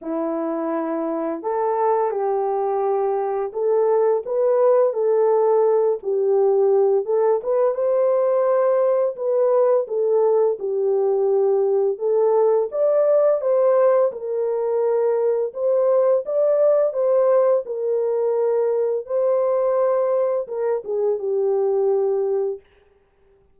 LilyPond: \new Staff \with { instrumentName = "horn" } { \time 4/4 \tempo 4 = 85 e'2 a'4 g'4~ | g'4 a'4 b'4 a'4~ | a'8 g'4. a'8 b'8 c''4~ | c''4 b'4 a'4 g'4~ |
g'4 a'4 d''4 c''4 | ais'2 c''4 d''4 | c''4 ais'2 c''4~ | c''4 ais'8 gis'8 g'2 | }